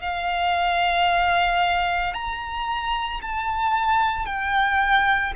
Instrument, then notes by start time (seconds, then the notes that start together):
violin
0.00 F5
2.13 A#5
3.21 A5
4.26 G5